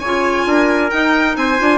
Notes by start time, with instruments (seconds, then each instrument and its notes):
0.00 bassoon C#3, clarinet F4, trumpet C#5, violin G#5
0.46 bassoon D4, trumpet A#4
0.90 clarinet D#4, bassoon D#4, violin G5
1.36 bassoon C4, trumpet C5, violin G#5
1.59 bassoon D4, clarinet F4